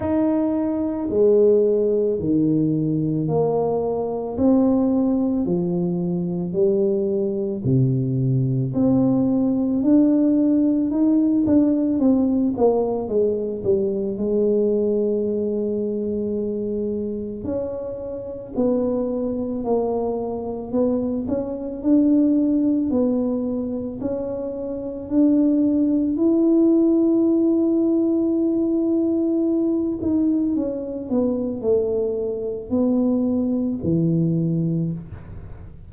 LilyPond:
\new Staff \with { instrumentName = "tuba" } { \time 4/4 \tempo 4 = 55 dis'4 gis4 dis4 ais4 | c'4 f4 g4 c4 | c'4 d'4 dis'8 d'8 c'8 ais8 | gis8 g8 gis2. |
cis'4 b4 ais4 b8 cis'8 | d'4 b4 cis'4 d'4 | e'2.~ e'8 dis'8 | cis'8 b8 a4 b4 e4 | }